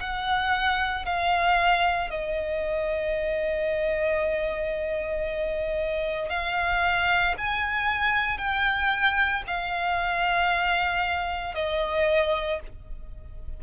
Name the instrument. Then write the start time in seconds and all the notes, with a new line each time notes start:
violin
0.00 F#5
1.05 F5
2.10 D#5
6.30 F5
7.38 G#5
8.38 G5
9.47 F5
11.55 D#5